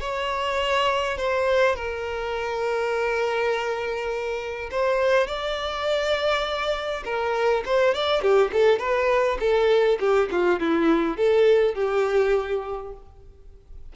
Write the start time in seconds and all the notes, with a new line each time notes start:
0.00 C#5
1.17 C5
1.75 A#4
4.71 C5
5.27 D5
7.04 A#4
7.65 C5
7.94 D5
8.21 G4
8.52 A4
8.79 B4
9.40 A4
9.99 G4
10.31 F4
10.60 E4
11.17 A4
11.75 G4